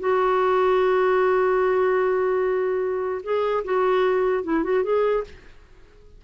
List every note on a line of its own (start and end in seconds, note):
0.00 3.22 F#4
3.24 3.64 G#4
3.65 4.44 F#4
4.44 4.64 E4
4.64 4.84 F#4
4.84 5.24 G#4